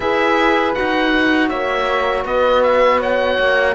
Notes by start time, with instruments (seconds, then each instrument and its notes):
0.00 cello E4, horn G#4 B4, oboe E5
0.74 cello D#4, horn F#4, oboe F#5
1.49 cello A#3, horn C#5, oboe E5
2.24 cello B3, horn B4, oboe D#5
2.62 oboe E5
2.99 horn C#5, oboe F#5
3.39 cello A#3